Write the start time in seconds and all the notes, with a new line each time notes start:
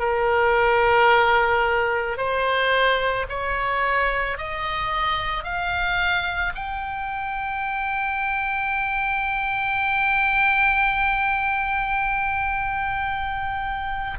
0.00 A#4
2.18 C5
3.29 C#5
4.38 D#5
5.44 F5
6.55 G5